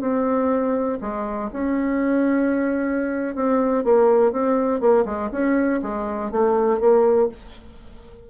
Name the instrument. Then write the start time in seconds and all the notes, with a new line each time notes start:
bassoon
0.00 C4
1.00 G#3
1.52 C#4
3.35 C4
3.84 A#3
4.32 C4
4.80 A#3
5.05 G#3
5.31 C#4
5.82 G#3
6.31 A3
6.80 A#3